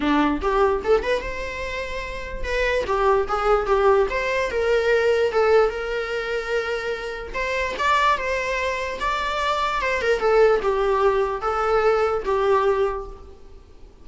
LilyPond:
\new Staff \with { instrumentName = "viola" } { \time 4/4 \tempo 4 = 147 d'4 g'4 a'8 b'8 c''4~ | c''2 b'4 g'4 | gis'4 g'4 c''4 ais'4~ | ais'4 a'4 ais'2~ |
ais'2 c''4 d''4 | c''2 d''2 | c''8 ais'8 a'4 g'2 | a'2 g'2 | }